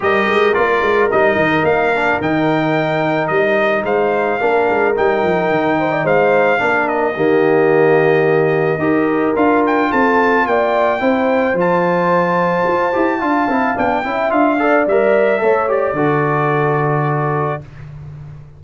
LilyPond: <<
  \new Staff \with { instrumentName = "trumpet" } { \time 4/4 \tempo 4 = 109 dis''4 d''4 dis''4 f''4 | g''2 dis''4 f''4~ | f''4 g''2 f''4~ | f''8 dis''2.~ dis''8~ |
dis''4 f''8 g''8 a''4 g''4~ | g''4 a''2.~ | a''4 g''4 f''4 e''4~ | e''8 d''2.~ d''8 | }
  \new Staff \with { instrumentName = "horn" } { \time 4/4 ais'1~ | ais'2. c''4 | ais'2~ ais'8 c''16 d''16 c''4 | ais'4 g'2. |
ais'2 a'4 d''4 | c''1 | f''4. e''4 d''4. | cis''4 a'2. | }
  \new Staff \with { instrumentName = "trombone" } { \time 4/4 g'4 f'4 dis'4. d'8 | dis'1 | d'4 dis'2. | d'4 ais2. |
g'4 f'2. | e'4 f'2~ f'8 g'8 | f'8 e'8 d'8 e'8 f'8 a'8 ais'4 | a'8 g'8 fis'2. | }
  \new Staff \with { instrumentName = "tuba" } { \time 4/4 g8 gis8 ais8 gis8 g8 dis8 ais4 | dis2 g4 gis4 | ais8 gis8 g8 f8 dis4 gis4 | ais4 dis2. |
dis'4 d'4 c'4 ais4 | c'4 f2 f'8 e'8 | d'8 c'8 b8 cis'8 d'4 g4 | a4 d2. | }
>>